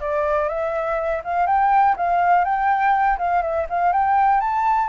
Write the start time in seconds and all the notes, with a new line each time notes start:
0.00 D5
0.48 E5
1.24 F5
1.46 G5
1.96 F5
2.44 G5
3.18 F5
3.42 E5
3.69 F5
3.92 G5
4.40 A5